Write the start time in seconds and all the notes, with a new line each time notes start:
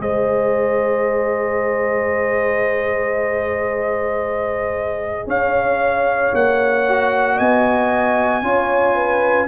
0.00 G#3 G#4 C5 D#5
5.27 C#4 C#5 F5
6.34 A#3 F#5
6.88 F#4
7.36 B3 D#5 G#5
8.42 C#4 F4 C#5
8.96 B4